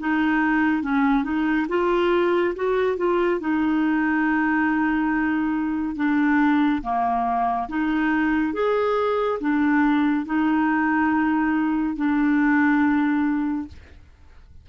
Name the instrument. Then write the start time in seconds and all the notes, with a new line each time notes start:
clarinet
0.00 D#4
0.83 C#4
1.24 D#4
1.69 F4
2.56 F#4
2.98 F4
3.41 D#4
5.96 D4
6.83 A#3
7.69 D#4
8.54 G#4
9.41 D4
10.26 D#4
11.97 D4